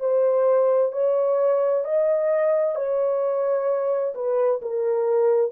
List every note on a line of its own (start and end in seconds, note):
0.00 0.92 C5
0.92 1.85 C#5
1.85 2.76 D#5
2.76 4.14 C#5
4.15 4.61 B4
4.62 5.52 A#4